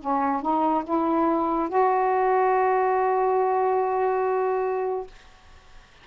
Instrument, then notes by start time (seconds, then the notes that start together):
saxophone
0.00 C#4
0.42 D#4
0.85 E4
1.69 F#4